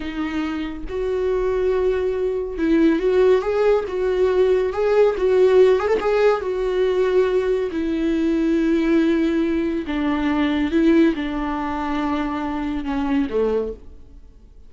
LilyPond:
\new Staff \with { instrumentName = "viola" } { \time 4/4 \tempo 4 = 140 dis'2 fis'2~ | fis'2 e'4 fis'4 | gis'4 fis'2 gis'4 | fis'4. gis'16 a'16 gis'4 fis'4~ |
fis'2 e'2~ | e'2. d'4~ | d'4 e'4 d'2~ | d'2 cis'4 a4 | }